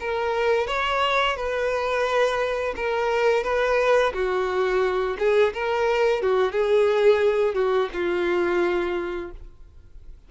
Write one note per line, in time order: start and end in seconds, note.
0.00 0.67 A#4
0.67 1.36 C#5
1.37 2.75 B4
2.76 3.44 A#4
3.44 4.13 B4
4.13 5.17 F#4
5.19 5.54 G#4
5.54 6.22 A#4
6.22 6.52 F#4
6.52 7.55 G#4
7.55 7.89 F#4
7.93 9.31 F4